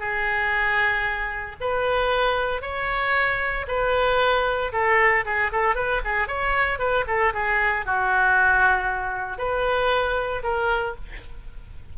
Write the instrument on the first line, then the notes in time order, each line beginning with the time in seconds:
oboe
0.00 G#4
1.61 B4
2.62 C#5
3.68 B4
4.73 A4
5.25 G#4
5.52 A4
5.76 B4
6.05 G#4
6.28 C#5
6.79 B4
7.07 A4
7.34 G#4
7.86 F#4
9.38 B4
10.43 A#4